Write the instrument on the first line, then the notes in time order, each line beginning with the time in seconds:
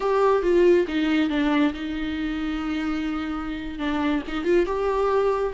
viola
0.00 G4
0.42 F4
0.87 D#4
1.29 D4
1.73 D#4
3.78 D4
4.27 D#4
4.44 F4
4.66 G4